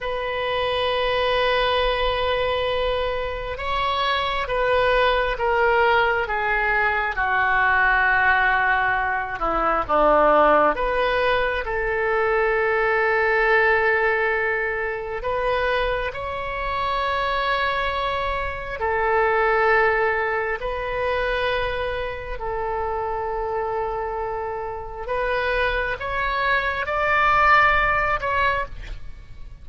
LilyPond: \new Staff \with { instrumentName = "oboe" } { \time 4/4 \tempo 4 = 67 b'1 | cis''4 b'4 ais'4 gis'4 | fis'2~ fis'8 e'8 d'4 | b'4 a'2.~ |
a'4 b'4 cis''2~ | cis''4 a'2 b'4~ | b'4 a'2. | b'4 cis''4 d''4. cis''8 | }